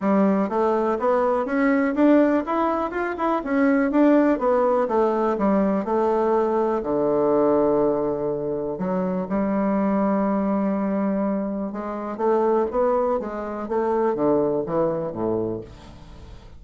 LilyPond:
\new Staff \with { instrumentName = "bassoon" } { \time 4/4 \tempo 4 = 123 g4 a4 b4 cis'4 | d'4 e'4 f'8 e'8 cis'4 | d'4 b4 a4 g4 | a2 d2~ |
d2 fis4 g4~ | g1 | gis4 a4 b4 gis4 | a4 d4 e4 a,4 | }